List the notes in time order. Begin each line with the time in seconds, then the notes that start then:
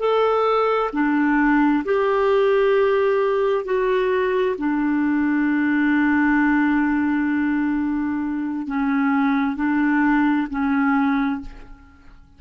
0.00 A4
0.93 D4
1.85 G4
3.65 F#4
4.58 D4
8.67 C#4
9.57 D4
10.50 C#4